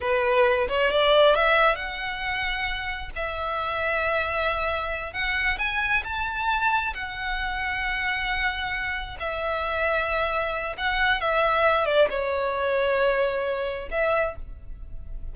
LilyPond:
\new Staff \with { instrumentName = "violin" } { \time 4/4 \tempo 4 = 134 b'4. cis''8 d''4 e''4 | fis''2. e''4~ | e''2.~ e''8 fis''8~ | fis''8 gis''4 a''2 fis''8~ |
fis''1~ | fis''8 e''2.~ e''8 | fis''4 e''4. d''8 cis''4~ | cis''2. e''4 | }